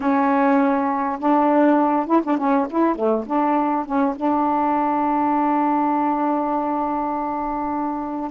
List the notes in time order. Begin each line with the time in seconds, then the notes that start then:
0.00 C#4
1.19 D4
2.06 E4
2.24 D4
2.37 C#4
2.69 E4
2.95 A3
3.26 D4
3.85 C#4
4.16 D4